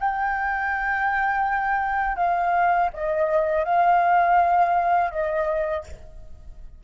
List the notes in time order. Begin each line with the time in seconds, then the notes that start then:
0.00 G5
2.16 F5
2.93 D#5
3.64 F5
5.11 D#5